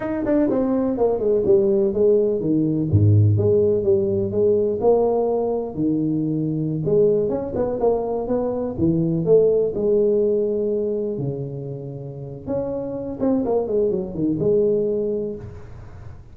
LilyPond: \new Staff \with { instrumentName = "tuba" } { \time 4/4 \tempo 4 = 125 dis'8 d'8 c'4 ais8 gis8 g4 | gis4 dis4 gis,4 gis4 | g4 gis4 ais2 | dis2~ dis16 gis4 cis'8 b16~ |
b16 ais4 b4 e4 a8.~ | a16 gis2. cis8.~ | cis2 cis'4. c'8 | ais8 gis8 fis8 dis8 gis2 | }